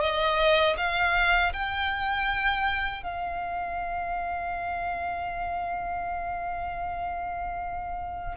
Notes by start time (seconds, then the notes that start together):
0.00 D#5
0.77 F5
1.53 G5
3.02 F5